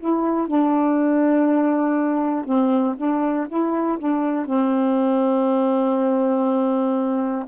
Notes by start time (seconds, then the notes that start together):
0.00 E4
0.48 D4
2.45 C4
2.97 D4
3.49 E4
3.99 D4
4.46 C4